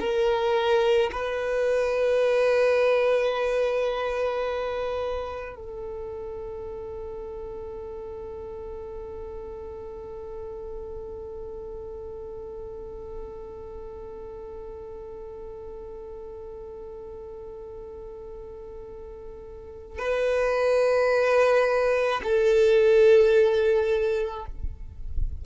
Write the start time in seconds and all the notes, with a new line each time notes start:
0.00 A#4
1.12 B4
5.56 A4
19.99 B4
22.24 A4